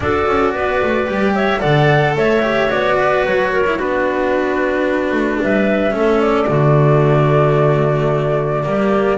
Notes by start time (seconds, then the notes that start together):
0.00 D4 F#4 A4 D5
0.26 C#4
0.53 B3 B4
0.83 A3
1.07 G3 G4
1.34 C#5 E5
1.59 D3 A4 D5 F#5
2.15 A3 C#5 E5
2.42 G4
2.68 B3 F#4 D5
2.96 B4
3.26 F#3 C#5
3.52 A#4
3.66 E4
3.76 B3 D4 F#4 B4
5.11 A3
5.41 G3 B4 E5
5.90 A3 C#4 A4
6.20 D5
6.47 D3 A3 F#4
8.63 G3 A#3 G4